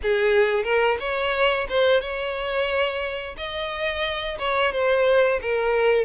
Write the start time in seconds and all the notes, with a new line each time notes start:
0.02 G#4
0.63 A#4
0.99 C#5
1.69 C5
2.00 C#5
3.37 D#5
4.39 C#5
4.72 C5
5.41 A#4